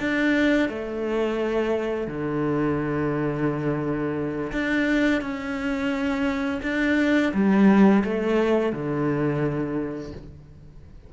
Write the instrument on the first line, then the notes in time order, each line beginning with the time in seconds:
cello
0.00 D4
0.69 A3
2.08 D3
4.52 D4
5.22 C#4
6.63 D4
7.34 G3
8.05 A3
8.73 D3